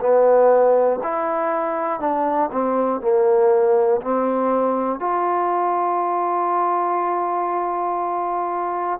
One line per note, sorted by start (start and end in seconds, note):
0.00 1.00 B3
1.03 2.00 E4
2.00 2.50 D4
2.52 3.00 C4
3.00 4.00 A#3
4.02 5.00 C4
5.00 9.00 F4